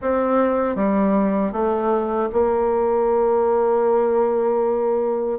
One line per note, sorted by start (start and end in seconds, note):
0.01 0.75 C4
0.75 1.52 G3
1.52 2.29 A3
2.32 5.39 A#3